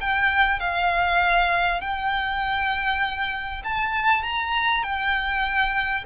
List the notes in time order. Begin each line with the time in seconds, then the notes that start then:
0.00 G5
0.59 F5
1.81 G5
3.64 A5
4.23 A#5
4.83 G5